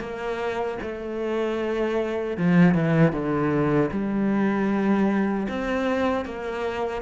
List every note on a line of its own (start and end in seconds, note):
0.00 0.78 A#3
0.82 2.37 A3
2.37 2.74 F3
2.74 3.12 E3
3.12 3.90 D3
3.91 5.47 G3
5.49 6.25 C4
6.25 7.02 A#3